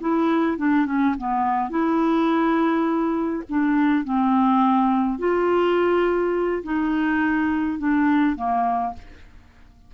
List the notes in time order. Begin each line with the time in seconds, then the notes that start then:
0.00 E4
0.57 D4
0.86 C#4
1.18 B3
1.70 E4
3.49 D4
4.04 C4
5.19 F4
6.63 D#4
7.79 D4
8.35 A#3